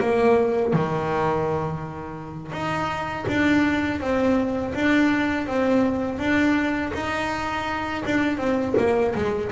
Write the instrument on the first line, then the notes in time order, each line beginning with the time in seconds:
double bass
0.00 A#3
0.74 D#3
2.52 D#4
3.28 D4
4.00 C4
4.75 D4
5.47 C4
6.19 D4
6.94 D#4
8.06 D4
8.38 C4
8.78 A#3
9.15 G#3